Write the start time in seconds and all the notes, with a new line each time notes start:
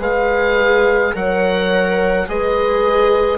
0.00 G#3 G#4 B4 F5
1.14 F#3 A#4 C#5 F#5
2.27 G#3 G#4 B4 D#5